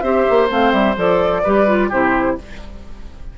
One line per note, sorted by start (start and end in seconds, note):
0.00 0.25 C4
0.00 0.49 G4
0.00 1.42 C5
0.00 0.47 E5
0.29 0.50 A#3
0.49 0.72 A3
0.49 0.95 C4
0.49 0.72 F5
0.72 0.95 G3
0.72 0.95 E5
0.96 1.43 F3
0.96 1.43 A4
0.96 1.91 D5
1.43 1.91 G3
1.43 1.67 G4
1.43 1.88 B4
1.67 1.90 F4
1.88 2.37 C3
1.88 2.38 E4
1.88 2.35 G4
1.88 2.38 C5